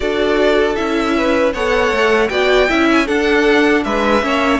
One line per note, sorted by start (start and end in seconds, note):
0.00 0.77 D4
0.00 0.76 F#4
0.00 1.16 A4
0.00 0.75 D5
0.75 1.53 C#4
0.75 1.53 E4
0.75 1.52 E5
1.17 1.53 B4
1.53 1.91 B3
1.53 2.29 A4
1.53 2.30 C#5
1.53 2.29 F#5
1.91 2.29 A3
2.29 2.68 B3
2.29 2.68 F#4
2.29 2.68 D5
2.29 2.86 G5
2.68 3.09 C#4
2.68 3.06 E4
2.68 3.05 E5
2.91 3.07 G#5
3.05 4.21 D4
3.05 3.85 D4
3.05 3.82 A4
3.05 3.83 F#5
3.83 4.22 G#3
3.83 4.24 B4
3.83 4.59 E5
4.21 4.59 A#3
4.21 4.59 C#4
4.21 4.59 C#5